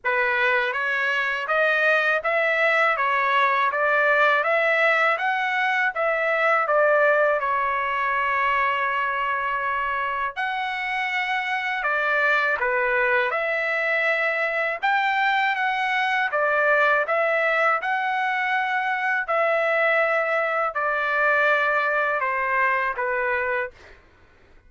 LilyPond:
\new Staff \with { instrumentName = "trumpet" } { \time 4/4 \tempo 4 = 81 b'4 cis''4 dis''4 e''4 | cis''4 d''4 e''4 fis''4 | e''4 d''4 cis''2~ | cis''2 fis''2 |
d''4 b'4 e''2 | g''4 fis''4 d''4 e''4 | fis''2 e''2 | d''2 c''4 b'4 | }